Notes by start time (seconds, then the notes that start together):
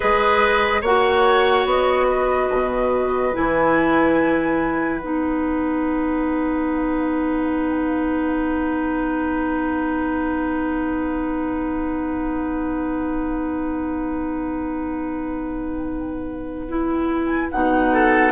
0.00 G#3 G#4 B4 D#5
0.81 A#3 F#4 C#5 F#5
1.65 B3 D#5
2.09 B4
2.50 B2
3.33 E3 E4 G#5
4.99 B3 D#4 F#5
16.68 E4
17.26 G#5
17.51 B2 D#4 F#5
17.92 A4